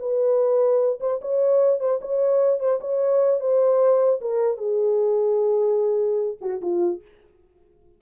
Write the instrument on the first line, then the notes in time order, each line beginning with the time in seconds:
horn
0.00 B4
1.01 C5
1.22 C#5
1.80 C5
2.02 C#5
2.60 C5
2.81 C#5
3.41 C5
4.21 A#4
4.58 G#4
6.42 F#4
6.62 F4